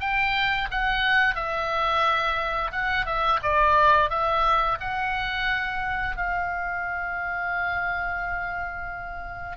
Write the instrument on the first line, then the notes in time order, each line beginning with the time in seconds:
oboe
0.00 G5
0.71 F#5
1.35 E5
2.72 F#5
3.06 E5
3.43 D5
4.10 E5
4.80 F#5
6.16 F5